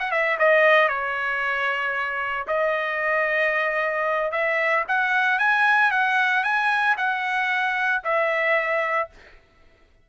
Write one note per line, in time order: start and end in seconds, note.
0.00 0.12 F#5
0.12 0.38 E5
0.39 0.89 D#5
0.89 2.47 C#5
2.48 4.32 D#5
4.32 4.85 E5
4.88 5.39 F#5
5.39 5.92 G#5
5.92 6.44 F#5
6.44 6.96 G#5
6.98 8.03 F#5
8.04 9.10 E5